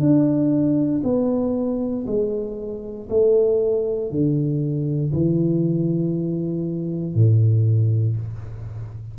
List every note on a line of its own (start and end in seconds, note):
0.00 1.02 D4
1.04 2.06 B3
2.07 3.09 G#3
3.10 4.11 A3
4.11 5.13 D3
5.13 7.15 E3
7.15 8.17 A2